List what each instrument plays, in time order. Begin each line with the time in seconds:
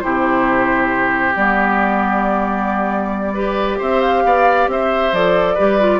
0.00 bassoon C3, clarinet E4, oboe G4, flute C5
1.35 bassoon G3, clarinet B3, flute D5
3.34 clarinet G4, oboe B4
3.78 bassoon C4, oboe C5, flute E5
4.02 flute F5
4.24 bassoon B3, oboe D5
4.67 bassoon C4, oboe C5, flute E5
5.12 bassoon F3, clarinet A4, flute D5
5.54 bassoon G3, clarinet G4, oboe B4
5.80 clarinet F4